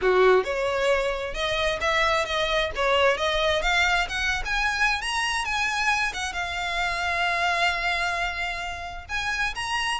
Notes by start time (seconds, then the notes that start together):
0.01 F#4
0.44 C#5
1.33 D#5
1.80 E5
2.25 D#5
2.75 C#5
3.17 D#5
3.62 F5
4.08 F#5
4.45 G#5
5.01 A#5
5.44 G#5
6.13 F#5
6.32 F5
9.08 G#5
9.55 A#5